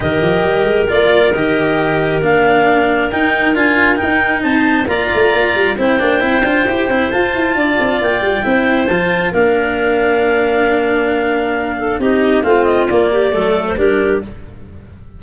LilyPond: <<
  \new Staff \with { instrumentName = "clarinet" } { \time 4/4 \tempo 4 = 135 dis''2 d''4 dis''4~ | dis''4 f''2 g''4 | gis''4 g''4 a''4 ais''4~ | ais''4 g''2. |
a''2 g''2 | a''4 f''2.~ | f''2. dis''4 | f''8 dis''8 d''4.~ d''16 c''16 ais'4 | }
  \new Staff \with { instrumentName = "clarinet" } { \time 4/4 ais'1~ | ais'1~ | ais'2 c''4 d''4~ | d''4 c''2.~ |
c''4 d''2 c''4~ | c''4 ais'2.~ | ais'2~ ais'8 a'8 g'4 | f'4. g'8 a'4 g'4 | }
  \new Staff \with { instrumentName = "cello" } { \time 4/4 g'2 f'4 g'4~ | g'4 d'2 dis'4 | f'4 dis'2 f'4~ | f'4 e'8 d'8 e'8 f'8 g'8 e'8 |
f'2. e'4 | f'4 d'2.~ | d'2. dis'4 | c'4 ais4 a4 d'4 | }
  \new Staff \with { instrumentName = "tuba" } { \time 4/4 dis8 f8 g8 gis8 ais4 dis4~ | dis4 ais2 dis'4 | d'4 dis'4 c'4 ais8 a8 | ais8 g8 c'8 ais8 c'8 d'8 e'8 c'8 |
f'8 e'8 d'8 c'8 ais8 g8 c'4 | f4 ais2.~ | ais2. c'4 | a4 ais4 fis4 g4 | }
>>